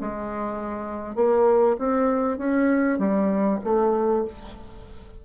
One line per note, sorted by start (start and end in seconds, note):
0.00 1.15 G#3
1.15 1.76 A#3
1.79 2.38 C4
2.38 2.98 C#4
2.98 3.59 G3
3.64 4.24 A3